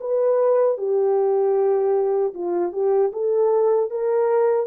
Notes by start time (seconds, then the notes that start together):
0.00 B4
0.78 G4
2.34 F4
2.72 G4
3.12 A4
3.90 A#4